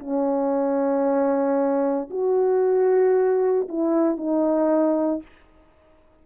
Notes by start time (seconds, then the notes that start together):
0.00 C#4
2.11 F#4
3.69 E4
4.18 D#4